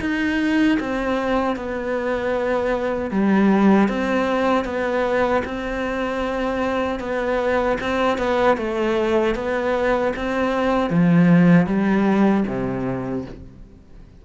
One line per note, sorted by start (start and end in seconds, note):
0.00 0.78 D#4
0.79 1.56 C4
1.56 3.11 B3
3.11 3.88 G3
3.88 4.64 C4
4.64 5.42 B3
5.44 6.99 C4
6.99 7.77 B3
7.80 8.18 C4
8.18 8.57 B3
8.57 9.35 A3
9.35 10.13 B3
10.16 10.90 C4
10.90 11.66 F3
11.66 12.44 G3
12.47 13.25 C3